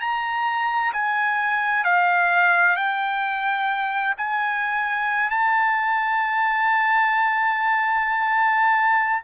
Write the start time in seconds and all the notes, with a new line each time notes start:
0.00 A#5
0.93 G#5
1.84 F5
2.76 G5
4.17 G#5
5.30 A5